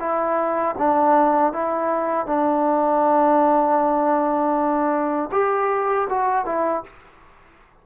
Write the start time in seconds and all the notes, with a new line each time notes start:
0.00 E4
0.79 D4
1.53 E4
2.26 D4
5.32 G4
6.10 F#4
6.46 E4